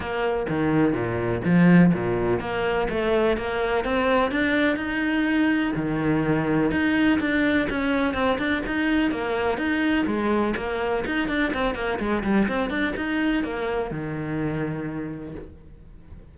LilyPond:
\new Staff \with { instrumentName = "cello" } { \time 4/4 \tempo 4 = 125 ais4 dis4 ais,4 f4 | ais,4 ais4 a4 ais4 | c'4 d'4 dis'2 | dis2 dis'4 d'4 |
cis'4 c'8 d'8 dis'4 ais4 | dis'4 gis4 ais4 dis'8 d'8 | c'8 ais8 gis8 g8 c'8 d'8 dis'4 | ais4 dis2. | }